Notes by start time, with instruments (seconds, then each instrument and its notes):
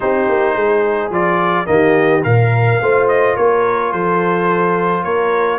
0.00 tuba C4, trombone D#4, horn G4, trumpet C5
0.28 tuba A#3
0.54 tuba G#3, horn G#4
1.10 tuba F3, trombone F4, trumpet D5
1.65 tuba D#3, trombone A#3, horn G4, trumpet D#5
2.23 tuba A#2, trombone A#4, horn A#4, trumpet F5
2.81 tuba A3, trombone F4, horn C5
3.08 trumpet D#5
3.36 tuba A#3, horn A#4, trumpet C#5
3.92 tuba F3, horn A4, trumpet C5
5.03 tuba A#3, horn A#4, trumpet C#5